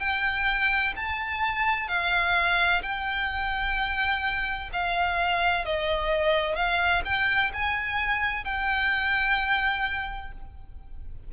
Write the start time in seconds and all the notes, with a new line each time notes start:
0.00 G5
0.96 A5
1.88 F5
2.83 G5
4.73 F5
5.65 D#5
6.56 F5
7.05 G5
7.53 G#5
8.45 G5